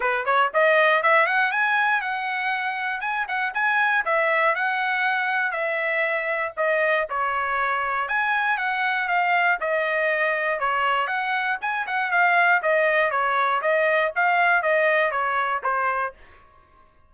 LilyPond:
\new Staff \with { instrumentName = "trumpet" } { \time 4/4 \tempo 4 = 119 b'8 cis''8 dis''4 e''8 fis''8 gis''4 | fis''2 gis''8 fis''8 gis''4 | e''4 fis''2 e''4~ | e''4 dis''4 cis''2 |
gis''4 fis''4 f''4 dis''4~ | dis''4 cis''4 fis''4 gis''8 fis''8 | f''4 dis''4 cis''4 dis''4 | f''4 dis''4 cis''4 c''4 | }